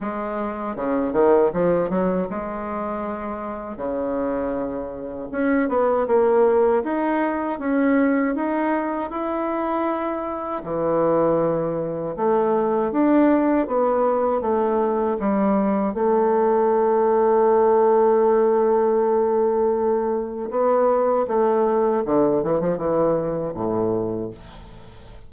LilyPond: \new Staff \with { instrumentName = "bassoon" } { \time 4/4 \tempo 4 = 79 gis4 cis8 dis8 f8 fis8 gis4~ | gis4 cis2 cis'8 b8 | ais4 dis'4 cis'4 dis'4 | e'2 e2 |
a4 d'4 b4 a4 | g4 a2.~ | a2. b4 | a4 d8 e16 f16 e4 a,4 | }